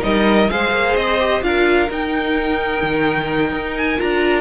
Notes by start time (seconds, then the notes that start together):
0.00 G3 D#4 A#4 D#5
0.50 G#3 G#4 C5 F5
0.71 A#3
0.95 C4 D#5
1.19 G4
1.42 D4 F4 A#4 F5
1.89 D#4 G5
2.83 D#3
3.52 D#4
3.77 G#5
3.97 D4 F4 A#5